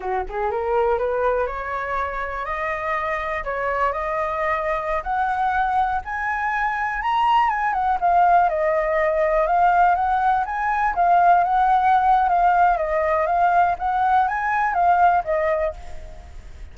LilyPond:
\new Staff \with { instrumentName = "flute" } { \time 4/4 \tempo 4 = 122 fis'8 gis'8 ais'4 b'4 cis''4~ | cis''4 dis''2 cis''4 | dis''2~ dis''16 fis''4.~ fis''16~ | fis''16 gis''2 ais''4 gis''8 fis''16~ |
fis''16 f''4 dis''2 f''8.~ | f''16 fis''4 gis''4 f''4 fis''8.~ | fis''4 f''4 dis''4 f''4 | fis''4 gis''4 f''4 dis''4 | }